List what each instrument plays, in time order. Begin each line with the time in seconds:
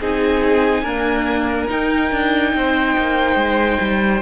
0.00 cello C4, viola D#4, violin G#4 G#5
0.83 viola A#3, cello D4, violin A#4
1.68 viola D#4, cello D#4, violin G5
2.11 cello D4
2.54 cello C4, violin C5
2.98 cello A#3
3.36 cello G#3
3.81 cello G3